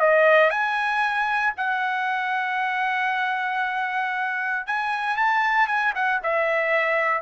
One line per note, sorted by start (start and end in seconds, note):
0.00 0.50 D#5
0.50 1.54 G#5
1.57 4.67 F#5
4.67 5.17 G#5
5.17 5.68 A5
5.68 5.93 G#5
5.95 6.21 F#5
6.23 7.22 E5